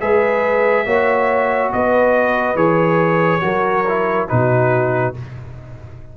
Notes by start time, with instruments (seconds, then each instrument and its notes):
0.00 tuba G#3, trombone G#4, horn B4, trumpet E5
0.85 tuba A#3, trombone F#4, horn C#5
1.72 tuba B3, horn B4, trumpet D#5
2.54 tuba E3, trombone G#4, trumpet C#5
3.41 tuba F#3, trombone F#4, horn A#4
3.88 trombone E4
4.28 tuba B2, trombone D#4, horn F#4, trumpet B4